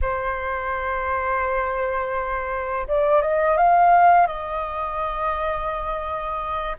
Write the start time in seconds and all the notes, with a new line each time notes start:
0.01 C5
2.87 D5
3.21 D#5
3.57 F5
4.26 D#5